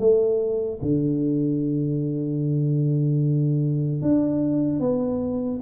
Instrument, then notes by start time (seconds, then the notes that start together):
tuba
0.00 A3
0.82 D3
4.02 D4
4.80 B3